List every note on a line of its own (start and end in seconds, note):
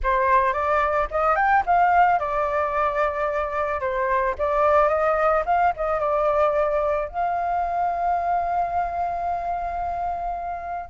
0.03 0.53 C5
0.53 1.07 D5
1.10 1.35 D#5
1.35 1.63 G5
1.66 2.19 F5
2.19 3.80 D5
3.80 4.34 C5
4.38 4.88 D5
4.88 5.43 D#5
5.45 5.72 F5
5.76 5.99 D#5
5.99 7.08 D5
7.08 10.89 F5